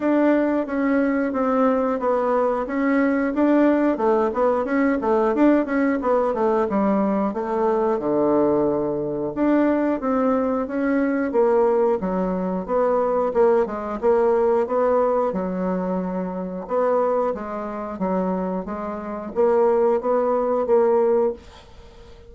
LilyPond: \new Staff \with { instrumentName = "bassoon" } { \time 4/4 \tempo 4 = 90 d'4 cis'4 c'4 b4 | cis'4 d'4 a8 b8 cis'8 a8 | d'8 cis'8 b8 a8 g4 a4 | d2 d'4 c'4 |
cis'4 ais4 fis4 b4 | ais8 gis8 ais4 b4 fis4~ | fis4 b4 gis4 fis4 | gis4 ais4 b4 ais4 | }